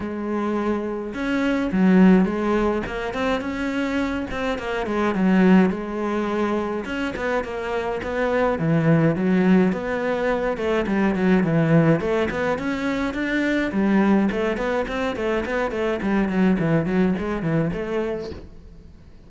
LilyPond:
\new Staff \with { instrumentName = "cello" } { \time 4/4 \tempo 4 = 105 gis2 cis'4 fis4 | gis4 ais8 c'8 cis'4. c'8 | ais8 gis8 fis4 gis2 | cis'8 b8 ais4 b4 e4 |
fis4 b4. a8 g8 fis8 | e4 a8 b8 cis'4 d'4 | g4 a8 b8 c'8 a8 b8 a8 | g8 fis8 e8 fis8 gis8 e8 a4 | }